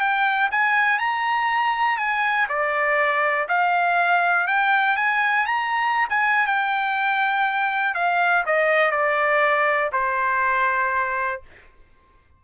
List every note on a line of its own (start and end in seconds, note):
0.00 0.50 G5
0.51 0.99 G#5
0.99 1.97 A#5
1.97 2.47 G#5
2.48 3.48 D5
3.48 4.47 F5
4.47 4.96 G5
4.96 5.46 G#5
5.46 6.08 A#5
6.09 6.46 G#5
6.46 7.94 G5
7.94 8.44 F5
8.46 8.91 D#5
8.91 9.90 D5
9.92 11.41 C5